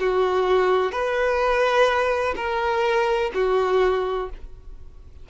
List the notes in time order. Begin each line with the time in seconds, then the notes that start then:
0.00 F#4
0.92 B4
2.36 A#4
3.35 F#4